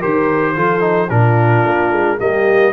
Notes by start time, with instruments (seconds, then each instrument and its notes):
0.00 tuba D#3, trombone G4, horn A#4, trumpet C5
0.56 tuba F3, trombone F4, horn A4
0.81 trombone D#4
1.10 tuba A#2, trombone D4, horn F4, trumpet A#4
1.65 tuba A#3
1.92 tuba G#3
2.19 tuba G3, trombone A#3, horn G4, trumpet D#5